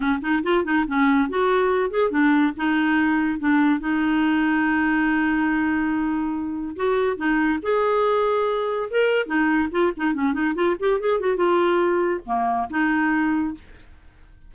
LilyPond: \new Staff \with { instrumentName = "clarinet" } { \time 4/4 \tempo 4 = 142 cis'8 dis'8 f'8 dis'8 cis'4 fis'4~ | fis'8 gis'8 d'4 dis'2 | d'4 dis'2.~ | dis'1 |
fis'4 dis'4 gis'2~ | gis'4 ais'4 dis'4 f'8 dis'8 | cis'8 dis'8 f'8 g'8 gis'8 fis'8 f'4~ | f'4 ais4 dis'2 | }